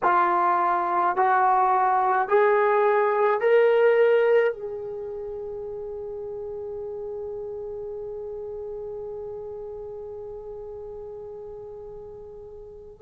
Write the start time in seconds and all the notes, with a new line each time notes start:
0.03 F4
1.16 F#4
2.28 G#4
3.40 A#4
4.52 G#4